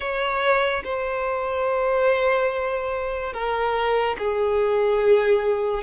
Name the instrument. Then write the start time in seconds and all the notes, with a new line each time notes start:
violin
0.00 C#5
0.83 C5
3.33 A#4
4.18 G#4